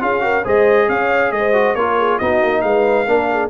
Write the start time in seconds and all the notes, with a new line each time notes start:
0.00 C#4 F4 G#4 F5
0.20 F#4 A#4
0.44 G#3 G#4 C5 D#5
0.88 C#4 C#5 F5
1.31 G#3 C5 D#5
1.53 F#4
1.75 A#3 F4 A#4 C#5
1.98 G#4
2.18 B3 D#4 F#4 D#5
2.42 A#3
2.61 G#3 B4 F5
3.06 A#3 D4 A#4
3.32 G#4